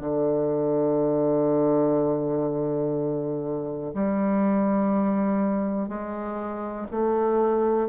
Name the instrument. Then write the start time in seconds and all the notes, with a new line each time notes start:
bassoon
0.00 D3
3.94 G3
5.88 G#3
6.91 A3